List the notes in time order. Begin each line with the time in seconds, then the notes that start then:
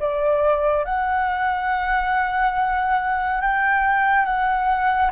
0.00 D5
0.85 F#5
3.42 G5
4.26 F#5